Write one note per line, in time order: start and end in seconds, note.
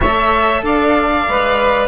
0.00 0.62 A3
0.00 1.29 A4
0.00 0.62 C#5
0.00 0.64 E5
0.62 1.26 D4
0.62 1.87 D5
0.62 1.87 F5
1.28 1.87 G#3
1.28 1.87 B4